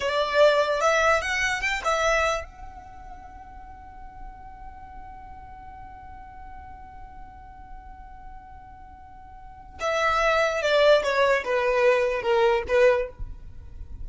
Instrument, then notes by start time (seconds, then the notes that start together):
violin
0.00 D5
0.81 E5
1.21 F#5
1.61 G5
1.84 E5
2.44 F#5
9.80 E5
10.62 D5
11.03 C#5
11.44 B4
12.22 A#4
12.68 B4